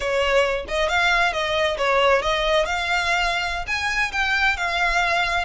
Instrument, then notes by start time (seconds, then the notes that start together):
violin
0.00 C#5
0.67 D#5
0.88 F5
1.32 D#5
1.77 C#5
2.22 D#5
2.65 F5
3.67 G#5
4.12 G5
4.57 F5